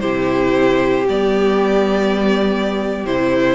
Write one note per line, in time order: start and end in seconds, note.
0.00 1.08 C3
0.00 1.07 E4
0.00 3.55 G4
0.00 1.06 C5
1.08 3.05 G3
1.08 3.07 B3
1.08 3.06 D5
3.05 3.55 C3
3.05 3.55 E4
3.05 3.55 C5